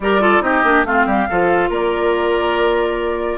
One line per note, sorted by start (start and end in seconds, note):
0.00 0.40 G3
0.00 0.20 G4
0.00 0.21 A#4
0.00 0.41 D5
0.20 0.41 F4
0.20 0.43 A4
0.41 0.62 C4
0.41 0.63 D#4
0.41 0.86 G4
0.41 0.84 D#5
0.63 0.84 A#3
0.63 0.85 D4
0.84 1.05 A3
0.84 1.28 C4
0.84 1.06 F4
0.84 1.71 F5
1.05 1.27 G3
1.05 1.27 G4
1.29 1.69 F3
1.29 3.37 F4
1.29 1.69 A4
1.69 3.37 A#3
1.69 3.37 A#4
1.69 3.37 D5